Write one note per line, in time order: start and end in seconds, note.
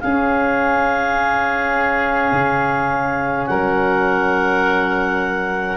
0.00 5.77 C#4
0.00 2.32 C#4
0.00 3.50 G#4
0.00 3.46 F5
2.32 3.48 C#3
3.46 5.77 F#3
3.46 5.77 A#4
3.46 5.77 F#5